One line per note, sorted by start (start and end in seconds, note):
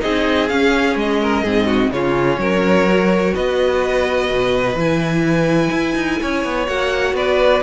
0.00 0.50 C4
0.00 0.48 D#4
0.00 1.21 G#4
0.00 0.48 D#5
0.48 1.44 C#4
0.48 0.95 C#4
0.48 0.96 F5
0.95 1.43 G#3
0.95 1.92 D#5
1.21 1.43 A#4
1.43 1.90 G#2
1.43 1.92 C4
1.43 1.66 G#4
1.66 1.90 F#4
1.90 2.37 C#3
1.90 2.88 C#4
1.90 2.40 F4
1.90 3.34 C#5
2.37 3.32 F#3
2.37 3.33 A#4
2.88 4.77 F#4
3.33 4.30 B3
3.33 6.19 B4
3.33 4.77 D#5
4.30 4.74 B2
4.74 5.69 E3
4.74 6.67 E4
4.74 6.67 G#5
5.71 5.95 E4
5.95 6.19 D#4
6.21 6.44 C#4
6.21 7.15 C#5
6.44 6.67 B3
6.67 7.13 A#3
6.67 7.62 F#4
6.67 7.15 F#5
7.13 7.61 B3
7.13 7.62 B4
7.13 7.62 D5